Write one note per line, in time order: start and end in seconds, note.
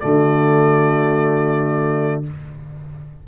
0.00 2.27 D3
0.00 2.23 A3
0.00 2.26 F#4
0.00 2.23 D5